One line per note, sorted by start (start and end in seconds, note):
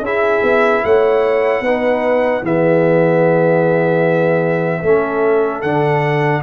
0.00 0.40 C#4
0.00 1.65 E4
0.00 0.83 G#4
0.06 0.85 E5
0.43 0.83 B3
0.85 1.61 A3
0.85 1.63 C#5
0.85 2.45 F#5
1.61 2.41 B3
1.61 2.44 D#4
1.61 2.43 B4
2.43 4.83 E3
2.43 4.83 B3
2.43 4.81 G#4
2.43 5.62 E5
4.81 5.63 A3
4.81 5.64 C#4
4.81 6.41 A4
5.62 6.43 D3
5.62 6.43 D4
5.62 6.42 F#5